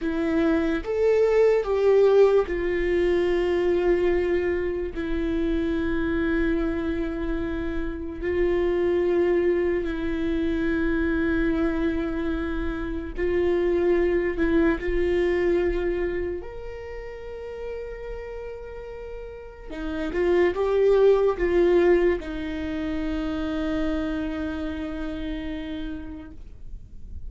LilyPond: \new Staff \with { instrumentName = "viola" } { \time 4/4 \tempo 4 = 73 e'4 a'4 g'4 f'4~ | f'2 e'2~ | e'2 f'2 | e'1 |
f'4. e'8 f'2 | ais'1 | dis'8 f'8 g'4 f'4 dis'4~ | dis'1 | }